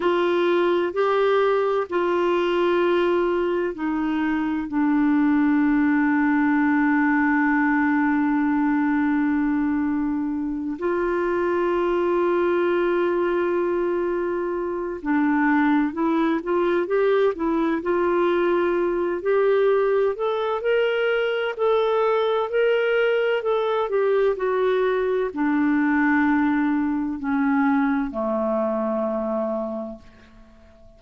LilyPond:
\new Staff \with { instrumentName = "clarinet" } { \time 4/4 \tempo 4 = 64 f'4 g'4 f'2 | dis'4 d'2.~ | d'2.~ d'8 f'8~ | f'1 |
d'4 e'8 f'8 g'8 e'8 f'4~ | f'8 g'4 a'8 ais'4 a'4 | ais'4 a'8 g'8 fis'4 d'4~ | d'4 cis'4 a2 | }